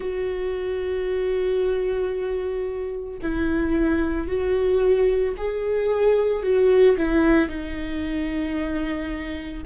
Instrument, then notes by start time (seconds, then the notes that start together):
viola
0.00 F#4
3.21 E4
4.27 F#4
5.37 G#4
6.42 F#4
6.96 E4
7.48 D#4